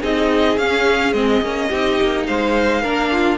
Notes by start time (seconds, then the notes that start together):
0.00 C4 D#4 G#4 D#5
0.57 C#4 F5
1.12 G#3 C4 D#5
1.41 A#3 C#4
1.68 C4 D#4 G4
2.01 A#3
2.26 G#3 C5 F5
2.82 A#3 D4 A#4
3.11 F4